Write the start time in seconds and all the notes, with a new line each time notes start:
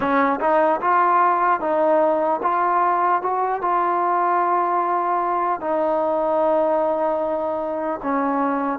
0.00 C#4
0.40 D#4
0.80 F4
1.60 D#4
2.42 F4
3.21 F#4
3.61 F4
5.60 D#4
8.03 C#4